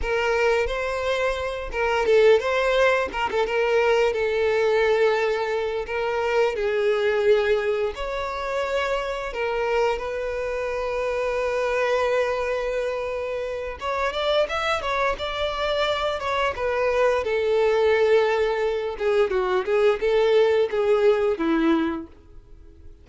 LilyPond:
\new Staff \with { instrumentName = "violin" } { \time 4/4 \tempo 4 = 87 ais'4 c''4. ais'8 a'8 c''8~ | c''8 ais'16 a'16 ais'4 a'2~ | a'8 ais'4 gis'2 cis''8~ | cis''4. ais'4 b'4.~ |
b'1 | cis''8 d''8 e''8 cis''8 d''4. cis''8 | b'4 a'2~ a'8 gis'8 | fis'8 gis'8 a'4 gis'4 e'4 | }